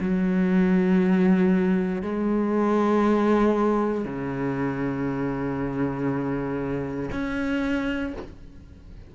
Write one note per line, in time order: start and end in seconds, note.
0.00 2.02 F#3
2.02 4.05 G#3
4.05 7.10 C#3
7.11 8.13 C#4